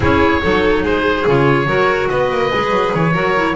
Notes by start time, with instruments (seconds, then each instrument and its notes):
0.00 double bass C#4, clarinet E4, violin G#4, oboe C#5
0.42 double bass F#3, clarinet D#4, violin A4
0.83 double bass G#3, violin G#4, oboe C5
1.26 double bass C#3, clarinet F4, oboe C#5
1.66 double bass F#3, clarinet F#4, violin A#4
2.08 double bass B3, violin B4, oboe D#5
2.30 double bass A#3
2.53 double bass G#3, clarinet G#4
2.69 double bass F#3
2.93 double bass E3, oboe C#5
3.12 double bass F#3, clarinet F#4, violin A#4
3.35 clarinet E4